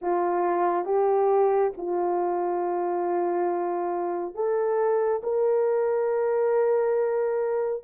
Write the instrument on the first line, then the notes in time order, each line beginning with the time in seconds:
horn
0.01 F4
0.85 G4
1.77 F4
4.34 A4
5.23 A#4